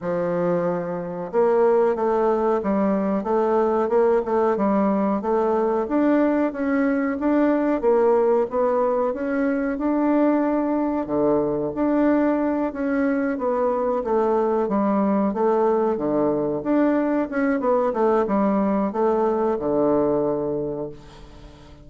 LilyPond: \new Staff \with { instrumentName = "bassoon" } { \time 4/4 \tempo 4 = 92 f2 ais4 a4 | g4 a4 ais8 a8 g4 | a4 d'4 cis'4 d'4 | ais4 b4 cis'4 d'4~ |
d'4 d4 d'4. cis'8~ | cis'8 b4 a4 g4 a8~ | a8 d4 d'4 cis'8 b8 a8 | g4 a4 d2 | }